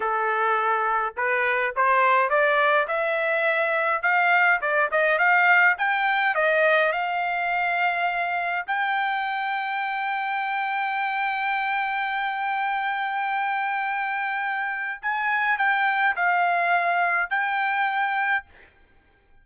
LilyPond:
\new Staff \with { instrumentName = "trumpet" } { \time 4/4 \tempo 4 = 104 a'2 b'4 c''4 | d''4 e''2 f''4 | d''8 dis''8 f''4 g''4 dis''4 | f''2. g''4~ |
g''1~ | g''1~ | g''2 gis''4 g''4 | f''2 g''2 | }